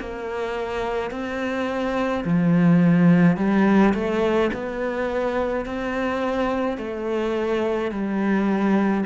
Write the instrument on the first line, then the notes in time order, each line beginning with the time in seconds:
cello
0.00 A#3
1.11 C4
2.25 F3
3.38 G3
3.94 A3
4.54 B3
5.66 C4
6.78 A3
7.91 G3